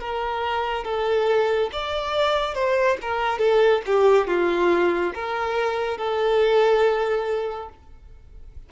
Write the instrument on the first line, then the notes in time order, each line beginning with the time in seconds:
violin
0.00 A#4
0.84 A4
1.72 D5
2.54 C5
3.02 A#4
3.38 A4
3.86 G4
4.27 F4
5.14 A#4
5.98 A4